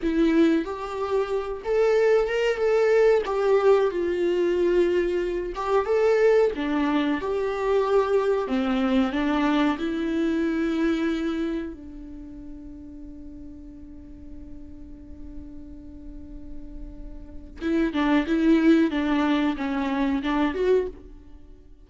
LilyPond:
\new Staff \with { instrumentName = "viola" } { \time 4/4 \tempo 4 = 92 e'4 g'4. a'4 ais'8 | a'4 g'4 f'2~ | f'8 g'8 a'4 d'4 g'4~ | g'4 c'4 d'4 e'4~ |
e'2 d'2~ | d'1~ | d'2. e'8 d'8 | e'4 d'4 cis'4 d'8 fis'8 | }